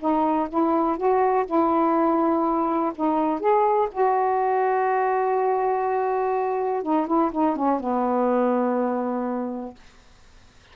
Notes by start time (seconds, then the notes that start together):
0.00 D#4
0.49 E4
0.97 F#4
1.46 E4
2.96 D#4
3.40 G#4
3.92 F#4
6.83 D#4
7.07 E4
7.32 D#4
7.56 C#4
7.80 B3